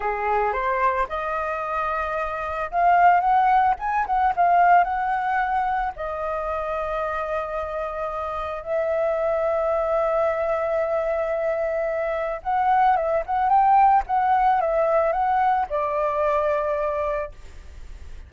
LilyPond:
\new Staff \with { instrumentName = "flute" } { \time 4/4 \tempo 4 = 111 gis'4 c''4 dis''2~ | dis''4 f''4 fis''4 gis''8 fis''8 | f''4 fis''2 dis''4~ | dis''1 |
e''1~ | e''2. fis''4 | e''8 fis''8 g''4 fis''4 e''4 | fis''4 d''2. | }